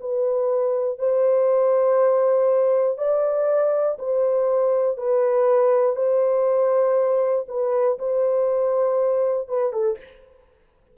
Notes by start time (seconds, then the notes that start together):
0.00 B4
0.99 C5
2.98 D5
3.99 C5
4.97 B4
5.96 C5
7.48 B4
7.98 C5
9.48 B4
9.72 A4